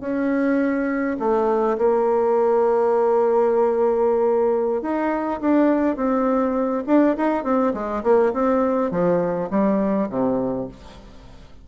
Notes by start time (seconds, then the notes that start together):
0.00 C#4
1.19 A3
1.78 A#3
4.82 D#4
5.40 D4
5.96 C4
6.86 D4
7.17 D#4
7.44 C4
7.74 G#3
8.03 A#3
8.33 C4
8.91 F3
9.50 G3
10.09 C3